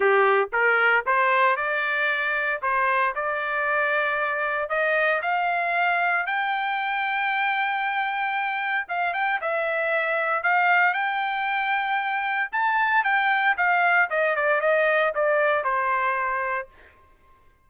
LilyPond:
\new Staff \with { instrumentName = "trumpet" } { \time 4/4 \tempo 4 = 115 g'4 ais'4 c''4 d''4~ | d''4 c''4 d''2~ | d''4 dis''4 f''2 | g''1~ |
g''4 f''8 g''8 e''2 | f''4 g''2. | a''4 g''4 f''4 dis''8 d''8 | dis''4 d''4 c''2 | }